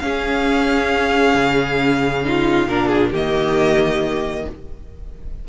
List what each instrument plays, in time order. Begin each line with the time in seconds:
0.00 cello C#4, viola C#4, violin G#4 F5
1.34 cello C#3
2.24 viola D#4, violin F4
2.67 cello A#2, viola D4, violin A#4
2.88 violin G#4
3.11 cello D#3, viola A#3, violin G4 D#5